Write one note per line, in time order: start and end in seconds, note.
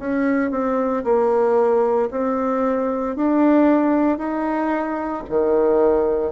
0.00 0.52 C#4
0.52 1.04 C4
1.05 2.10 A#3
2.11 3.17 C4
3.17 4.19 D4
4.19 5.24 D#4
5.30 6.32 D#3